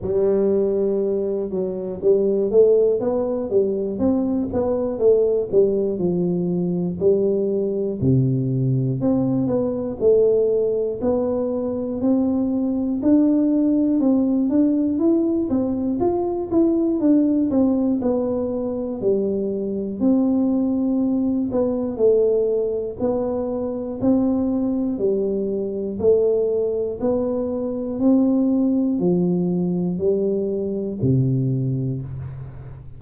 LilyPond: \new Staff \with { instrumentName = "tuba" } { \time 4/4 \tempo 4 = 60 g4. fis8 g8 a8 b8 g8 | c'8 b8 a8 g8 f4 g4 | c4 c'8 b8 a4 b4 | c'4 d'4 c'8 d'8 e'8 c'8 |
f'8 e'8 d'8 c'8 b4 g4 | c'4. b8 a4 b4 | c'4 g4 a4 b4 | c'4 f4 g4 c4 | }